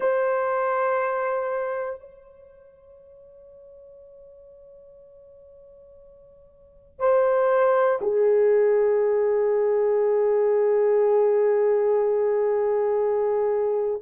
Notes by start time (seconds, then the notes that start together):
0.00 C5
2.00 C#5
6.99 C5
8.00 G#4